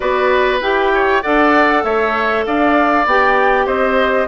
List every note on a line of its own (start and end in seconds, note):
0.00 0.60 B3
0.00 0.60 F#4
0.00 0.92 B4
0.00 0.60 D5
0.60 1.22 E4
0.60 1.22 G4
0.60 1.22 G5
0.94 1.22 C#5
1.22 1.84 D4
1.22 3.06 A4
1.22 1.83 D5
1.22 1.83 F#5
1.83 2.45 A3
1.83 2.45 C#5
1.83 2.44 E5
2.45 3.06 D4
2.45 3.66 D5
2.45 3.06 F5
3.06 3.66 B3
3.06 4.28 G4
3.06 3.67 G5
3.66 4.27 C4
3.66 4.27 C5
3.66 4.28 D#5